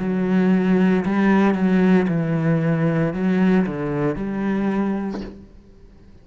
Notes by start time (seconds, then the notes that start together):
0.00 F#3
1.06 G3
1.55 F#3
2.09 E3
3.14 F#3
3.67 D3
4.16 G3